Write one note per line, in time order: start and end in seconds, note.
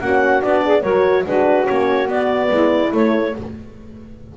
0.00 0.42 A#3
0.00 0.41 C#4
0.00 0.63 F#4
0.00 0.42 F#5
0.41 0.83 B3
0.41 0.82 D4
0.41 0.81 D5
0.65 0.82 G#4
0.81 1.24 F#3
0.81 1.26 F#4
0.81 1.23 A#4
0.81 1.23 C#5
1.26 1.67 G#3
1.26 1.64 D4
1.26 2.51 F#4
1.26 1.66 B4
1.64 2.08 A#3
1.64 2.06 C#4
1.64 2.07 C#5
2.06 2.89 B3
2.06 2.49 B3
2.06 2.93 D5
2.50 2.92 G#3
2.50 3.34 E4
2.90 3.32 A3
2.90 3.34 A3
2.90 3.37 C#5